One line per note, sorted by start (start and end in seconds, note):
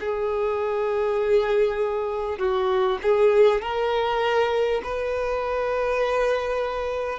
0.00 2.38 G#4
2.38 2.98 F#4
3.02 3.61 G#4
3.61 4.81 A#4
4.83 7.19 B4